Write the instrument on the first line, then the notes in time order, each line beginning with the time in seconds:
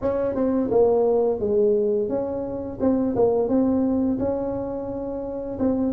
tuba
0.01 C#4
0.35 C4
0.70 A#3
1.39 G#3
2.08 C#4
2.80 C4
3.15 A#3
3.48 C4
4.19 C#4
5.59 C4